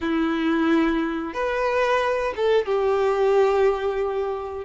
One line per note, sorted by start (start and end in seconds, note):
0.01 1.33 E4
1.33 2.33 B4
2.35 2.65 A4
2.65 4.65 G4